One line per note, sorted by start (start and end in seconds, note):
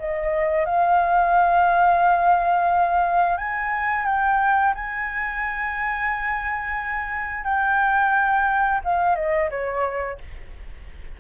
0.00 0.66 D#5
0.66 3.38 F5
3.38 4.06 G#5
4.06 4.74 G5
4.75 7.45 G#5
7.45 8.81 G5
8.85 9.16 F5
9.16 9.50 D#5
9.51 10.19 C#5